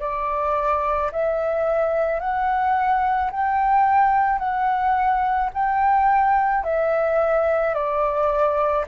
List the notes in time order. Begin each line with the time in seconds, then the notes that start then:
0.00 D5
1.12 E5
2.20 F#5
3.31 G5
4.39 F#5
5.54 G5
6.64 E5
7.74 D5